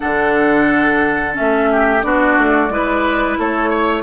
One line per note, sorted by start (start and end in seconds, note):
0.00 1.37 D3
0.00 1.33 D4
0.00 1.69 A4
0.00 1.35 F#5
1.33 2.00 C#4
1.33 2.01 E5
1.39 2.03 A3
1.71 2.05 G4
2.01 2.37 B3
2.01 2.70 D4
2.01 2.72 F#4
2.01 3.36 D5
2.37 2.69 A3
2.69 3.36 G#3
2.69 4.03 E4
2.69 3.38 B4
3.38 4.03 A3
3.38 3.69 A4
3.38 4.03 C#5
3.69 4.03 C#5